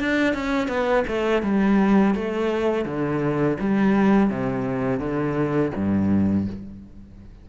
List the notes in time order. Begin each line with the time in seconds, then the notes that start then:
0.00 D4
0.34 C#4
0.68 B3
1.08 A3
1.42 G3
2.15 A3
2.85 D3
3.59 G3
4.30 C3
4.99 D3
5.75 G2